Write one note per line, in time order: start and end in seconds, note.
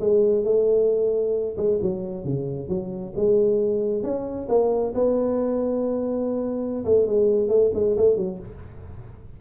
0.00 0.44 G#3
0.44 1.56 A3
1.57 1.79 G#3
1.82 2.24 F#3
2.24 2.68 C#3
2.68 3.13 F#3
3.16 4.03 G#3
4.03 4.48 C#4
4.49 4.93 A#3
4.94 6.85 B3
6.85 7.06 A3
7.06 7.48 G#3
7.48 7.71 A3
7.74 7.96 G#3
7.97 8.17 A3
8.17 8.39 F#3